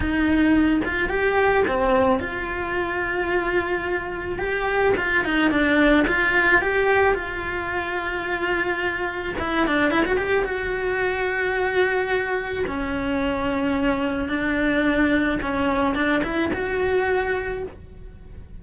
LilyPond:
\new Staff \with { instrumentName = "cello" } { \time 4/4 \tempo 4 = 109 dis'4. f'8 g'4 c'4 | f'1 | g'4 f'8 dis'8 d'4 f'4 | g'4 f'2.~ |
f'4 e'8 d'8 e'16 fis'16 g'8 fis'4~ | fis'2. cis'4~ | cis'2 d'2 | cis'4 d'8 e'8 fis'2 | }